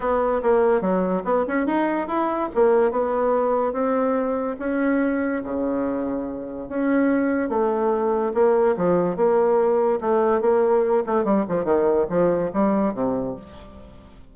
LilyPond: \new Staff \with { instrumentName = "bassoon" } { \time 4/4 \tempo 4 = 144 b4 ais4 fis4 b8 cis'8 | dis'4 e'4 ais4 b4~ | b4 c'2 cis'4~ | cis'4 cis2. |
cis'2 a2 | ais4 f4 ais2 | a4 ais4. a8 g8 f8 | dis4 f4 g4 c4 | }